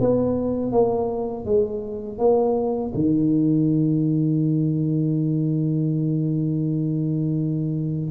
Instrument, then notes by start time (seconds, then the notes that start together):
tuba
0.00 B3
0.71 A#3
1.45 G#3
2.18 A#3
2.94 D#3